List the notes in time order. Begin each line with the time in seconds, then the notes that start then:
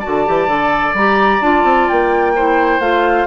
0.00 F#4 D5 A5
0.07 D3
0.26 E3 G4
0.47 D3 A4
0.94 G3 G4 A#5
1.42 D4 F4 A5
1.64 C4
1.89 A#3 G5
2.35 E4 C5
2.80 A3 F4 F5